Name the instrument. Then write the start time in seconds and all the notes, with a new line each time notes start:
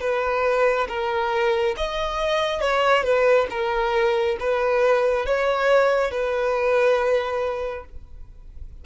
violin
0.00 B4
0.88 A#4
1.77 D#5
2.60 C#5
3.03 B4
3.50 A#4
4.40 B4
5.25 C#5
6.11 B4